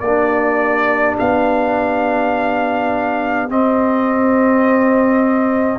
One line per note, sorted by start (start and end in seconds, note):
0.00 1.16 A#3
0.00 3.49 D4
0.00 5.79 G4
0.00 1.15 D5
1.19 3.49 B3
1.19 3.50 F5
3.49 5.79 C4
3.49 5.79 D#5